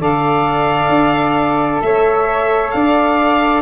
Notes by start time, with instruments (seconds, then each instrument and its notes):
0.00 tuba D3, saxophone A4, flute D5, violin F5
0.89 tuba D4
1.82 tuba A3, flute C#5, violin E5
2.71 tuba D4, flute D5, violin F5